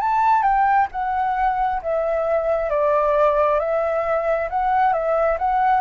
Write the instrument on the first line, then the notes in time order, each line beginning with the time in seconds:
flute
0.00 A5
0.42 G5
0.91 F#5
1.82 E5
2.69 D5
3.59 E5
4.49 F#5
4.93 E5
5.38 F#5